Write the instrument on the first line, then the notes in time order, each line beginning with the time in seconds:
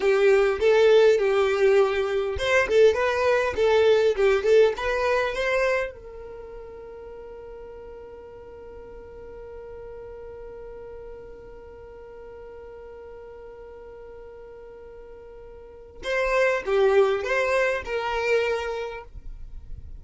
violin
0.00 G4
0.59 A4
1.18 G4
2.38 C5
2.68 A4
2.94 B4
3.56 A4
4.16 G4
4.43 A4
4.76 B4
5.34 C5
5.92 A#4
16.03 C5
16.65 G4
17.23 C5
17.85 A#4